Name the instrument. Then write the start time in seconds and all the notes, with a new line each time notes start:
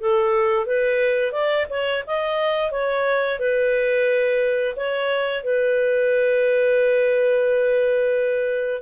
clarinet
0.00 A4
0.66 B4
1.32 D5
1.70 C#5
2.07 D#5
2.71 C#5
3.39 B4
4.76 C#5
5.44 B4